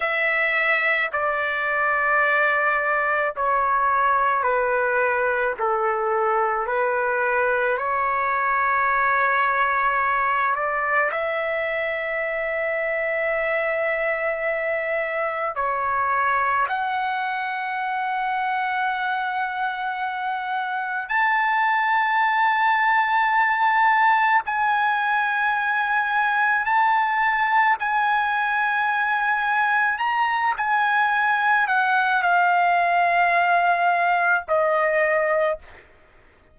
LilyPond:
\new Staff \with { instrumentName = "trumpet" } { \time 4/4 \tempo 4 = 54 e''4 d''2 cis''4 | b'4 a'4 b'4 cis''4~ | cis''4. d''8 e''2~ | e''2 cis''4 fis''4~ |
fis''2. a''4~ | a''2 gis''2 | a''4 gis''2 ais''8 gis''8~ | gis''8 fis''8 f''2 dis''4 | }